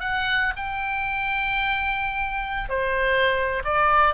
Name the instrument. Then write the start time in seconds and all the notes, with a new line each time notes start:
oboe
0.00 F#5
0.56 G5
2.69 C5
3.64 D5